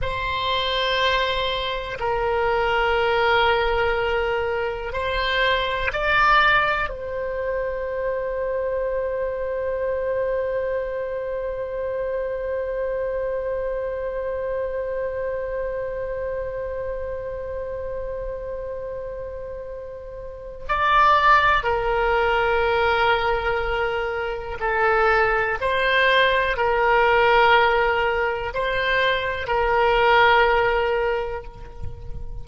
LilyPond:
\new Staff \with { instrumentName = "oboe" } { \time 4/4 \tempo 4 = 61 c''2 ais'2~ | ais'4 c''4 d''4 c''4~ | c''1~ | c''1~ |
c''1~ | c''4 d''4 ais'2~ | ais'4 a'4 c''4 ais'4~ | ais'4 c''4 ais'2 | }